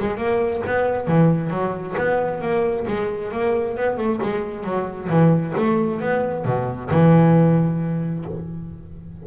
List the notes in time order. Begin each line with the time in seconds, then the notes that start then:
0.00 G#3
0.17 A#3
0.67 B3
1.08 E3
1.51 F#3
1.98 B3
2.42 A#3
2.88 G#3
3.32 A#3
3.77 B3
3.98 A3
4.23 G#3
4.64 F#3
5.10 E3
5.57 A3
6.01 B3
6.45 B2
6.91 E3